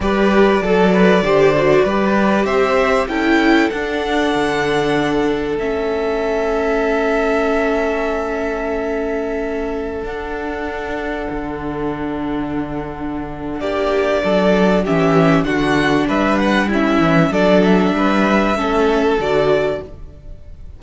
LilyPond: <<
  \new Staff \with { instrumentName = "violin" } { \time 4/4 \tempo 4 = 97 d''1 | e''4 g''4 fis''2~ | fis''4 e''2.~ | e''1~ |
e''16 fis''2.~ fis''8.~ | fis''2 d''2 | e''4 fis''4 e''8 fis''8 e''4 | d''8 e''2~ e''8 d''4 | }
  \new Staff \with { instrumentName = "violin" } { \time 4/4 b'4 a'8 b'8 c''4 b'4 | c''4 a'2.~ | a'1~ | a'1~ |
a'1~ | a'2 g'4 a'4 | g'4 fis'4 b'4 e'4 | a'4 b'4 a'2 | }
  \new Staff \with { instrumentName = "viola" } { \time 4/4 g'4 a'4 g'8 fis'8 g'4~ | g'4 e'4 d'2~ | d'4 cis'2.~ | cis'1~ |
cis'16 d'2.~ d'8.~ | d'1 | cis'4 d'2 cis'4 | d'2 cis'4 fis'4 | }
  \new Staff \with { instrumentName = "cello" } { \time 4/4 g4 fis4 d4 g4 | c'4 cis'4 d'4 d4~ | d4 a2.~ | a1~ |
a16 d'2 d4.~ d16~ | d2 ais4 fis4 | e4 d4 g4. e8 | fis4 g4 a4 d4 | }
>>